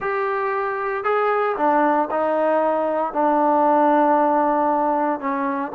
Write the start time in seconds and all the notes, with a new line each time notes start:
0.00 G4
1.03 G#4
1.57 D4
2.10 D#4
3.13 D4
5.19 C#4